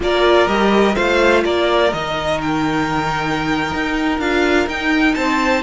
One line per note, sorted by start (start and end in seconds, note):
0.00 0.47 A#3
0.00 0.47 F4
0.00 0.95 A#4
0.00 0.47 D5
0.47 0.95 G3
0.47 0.94 G4
0.47 0.95 D#5
0.94 1.44 A3
0.94 1.90 F4
0.94 1.43 C5
0.94 1.43 F5
1.44 1.92 A#3
1.44 5.16 A#4
1.44 1.92 D5
1.92 3.73 D#3
1.92 4.20 D#4
1.92 2.40 D#5
2.41 4.20 G5
3.73 4.19 D#4
4.19 4.67 D4
4.19 4.68 F4
4.19 4.67 F5
4.67 5.15 D#4
4.67 5.62 D#4
4.67 5.14 G5
5.14 5.62 C4
5.14 5.62 C5
5.14 5.62 A5